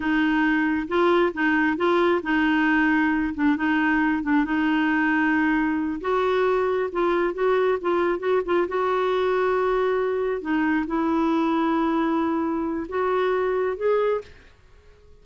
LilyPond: \new Staff \with { instrumentName = "clarinet" } { \time 4/4 \tempo 4 = 135 dis'2 f'4 dis'4 | f'4 dis'2~ dis'8 d'8 | dis'4. d'8 dis'2~ | dis'4. fis'2 f'8~ |
f'8 fis'4 f'4 fis'8 f'8 fis'8~ | fis'2.~ fis'8 dis'8~ | dis'8 e'2.~ e'8~ | e'4 fis'2 gis'4 | }